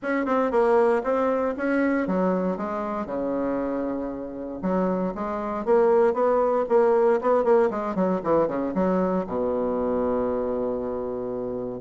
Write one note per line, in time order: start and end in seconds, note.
0.02 0.25 C#4
0.25 0.51 C4
0.51 1.02 A#3
1.03 1.55 C4
1.57 2.07 C#4
2.07 2.57 F#3
2.57 3.06 G#3
3.06 4.59 C#3
4.62 5.13 F#3
5.14 5.65 G#3
5.65 6.13 A#3
6.13 6.65 B3
6.69 7.20 A#3
7.21 7.44 B3
7.44 7.69 A#3
7.70 7.95 G#3
7.95 8.21 F#3
8.23 8.47 E3
8.47 8.73 C#3
8.74 9.25 F#3
9.26 11.80 B2